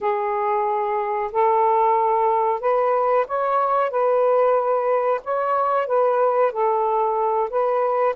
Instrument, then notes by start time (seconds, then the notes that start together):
saxophone
0.00 G#4
1.32 A4
2.60 B4
3.27 C#5
3.90 B4
5.24 C#5
5.86 B4
6.52 A4
7.50 B4